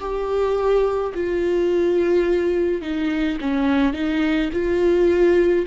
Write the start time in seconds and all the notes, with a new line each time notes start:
0.00 G4
1.15 F4
2.82 D#4
3.41 C#4
3.94 D#4
4.53 F4